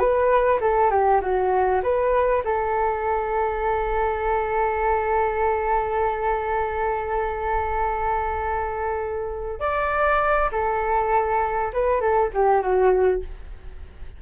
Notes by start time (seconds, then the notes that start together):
0.00 B4
0.61 A4
0.91 G4
1.22 F#4
1.84 B4
2.45 A4
9.60 D5
10.52 A4
11.74 B4
12.01 A4
12.34 G4
12.62 F#4